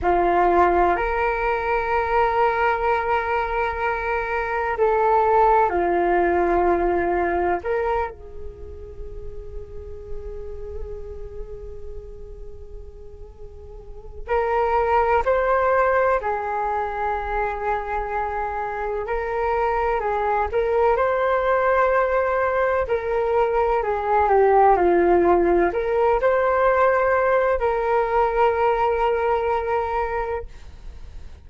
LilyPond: \new Staff \with { instrumentName = "flute" } { \time 4/4 \tempo 4 = 63 f'4 ais'2.~ | ais'4 a'4 f'2 | ais'8 gis'2.~ gis'8~ | gis'2. ais'4 |
c''4 gis'2. | ais'4 gis'8 ais'8 c''2 | ais'4 gis'8 g'8 f'4 ais'8 c''8~ | c''4 ais'2. | }